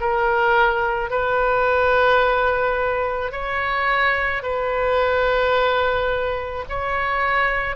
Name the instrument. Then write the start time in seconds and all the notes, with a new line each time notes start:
oboe
0.00 A#4
1.10 B4
3.32 C#5
4.42 B4
6.69 C#5